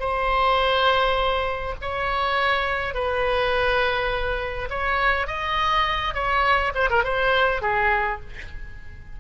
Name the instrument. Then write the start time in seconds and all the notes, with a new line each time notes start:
oboe
0.00 C5
1.82 C#5
2.94 B4
4.70 C#5
5.27 D#5
6.15 C#5
6.75 C5
6.90 A#4
7.04 C5
7.62 G#4